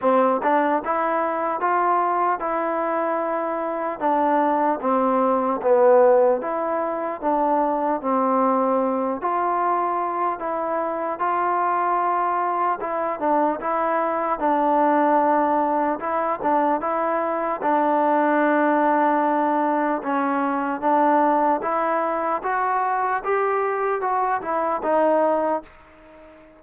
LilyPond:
\new Staff \with { instrumentName = "trombone" } { \time 4/4 \tempo 4 = 75 c'8 d'8 e'4 f'4 e'4~ | e'4 d'4 c'4 b4 | e'4 d'4 c'4. f'8~ | f'4 e'4 f'2 |
e'8 d'8 e'4 d'2 | e'8 d'8 e'4 d'2~ | d'4 cis'4 d'4 e'4 | fis'4 g'4 fis'8 e'8 dis'4 | }